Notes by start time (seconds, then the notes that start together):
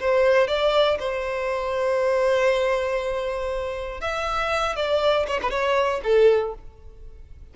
0.00 C5
0.47 D5
0.99 C5
4.00 E5
4.76 D5
5.27 C#5
5.42 B4
5.50 C#5
6.03 A4